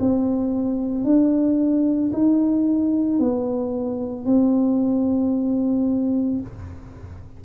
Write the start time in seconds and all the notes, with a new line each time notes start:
0.00 C4
1.05 D4
2.12 D#4
3.19 B3
4.26 C4